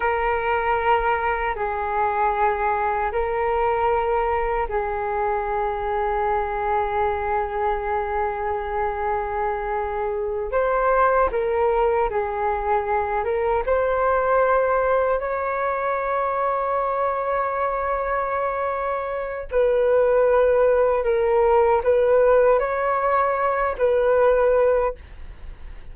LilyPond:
\new Staff \with { instrumentName = "flute" } { \time 4/4 \tempo 4 = 77 ais'2 gis'2 | ais'2 gis'2~ | gis'1~ | gis'4. c''4 ais'4 gis'8~ |
gis'4 ais'8 c''2 cis''8~ | cis''1~ | cis''4 b'2 ais'4 | b'4 cis''4. b'4. | }